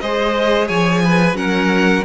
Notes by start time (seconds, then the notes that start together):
0.00 G#3 G#4 C5 D#5
0.67 F3 C#5 G#5
1.04 B4
1.33 F#3 C#4 A#4 F#5